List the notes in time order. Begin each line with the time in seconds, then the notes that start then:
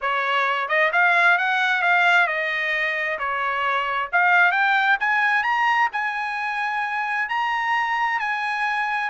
0.01 C#5
0.68 D#5
0.92 F5
1.38 F#5
1.81 F5
2.27 D#5
3.18 C#5
4.12 F5
4.51 G5
5.00 G#5
5.43 A#5
5.92 G#5
7.29 A#5
8.19 G#5